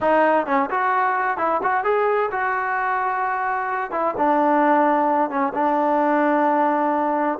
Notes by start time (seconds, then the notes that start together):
0.00 D#4
0.46 C#4
0.70 F#4
1.37 E4
1.62 F#4
1.84 G#4
2.31 F#4
3.91 E4
4.17 D4
5.30 C#4
5.54 D4